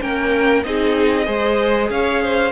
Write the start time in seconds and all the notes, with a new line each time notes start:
0.00 A#3 C#4 A#4 G5
0.63 C4 D#4 G#4 D#5
1.25 G#3 G#4 C5
1.90 C#4 C#5 F5
2.22 C5